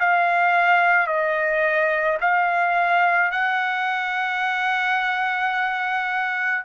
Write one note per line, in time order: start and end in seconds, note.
0.00 1.07 F5
1.07 2.18 D#5
2.21 3.31 F5
3.31 6.65 F#5